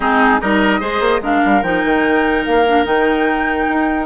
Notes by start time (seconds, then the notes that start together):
0.00 G#3 C4 D#4 G#4
0.40 G3 D#4 A#4 D#5
0.80 G#3 G#4 C5
1.00 A#3
1.21 G#3 D4 A#4 F5
1.45 G3
1.62 F3 D#4 G5
1.84 D#3
2.44 A#3 F5
2.66 D4
2.84 D#3 D#4 G5
3.68 D#4